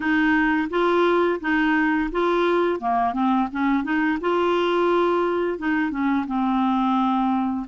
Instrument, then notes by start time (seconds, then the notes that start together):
clarinet
0.00 D#4
0.70 F4
1.40 D#4
2.11 F4
2.80 A#3
3.13 C4
3.51 C#4
3.83 D#4
4.20 F4
5.58 D#4
5.90 C#4
6.26 C4